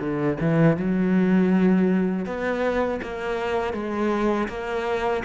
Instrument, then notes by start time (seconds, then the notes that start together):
cello
0.00 D3
0.40 E3
0.77 F#3
2.25 B3
3.02 A#3
3.73 G#3
4.48 A#3